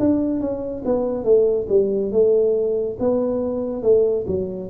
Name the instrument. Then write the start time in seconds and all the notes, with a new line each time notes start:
tuba
0.00 D4
0.41 C#4
0.86 B3
1.25 A3
1.69 G3
2.12 A3
3.00 B3
3.83 A3
4.27 F#3